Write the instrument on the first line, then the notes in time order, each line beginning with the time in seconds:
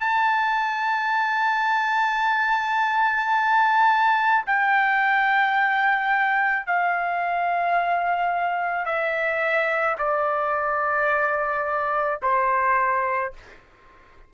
trumpet
0.00 A5
4.46 G5
6.67 F5
8.85 E5
9.98 D5
12.22 C5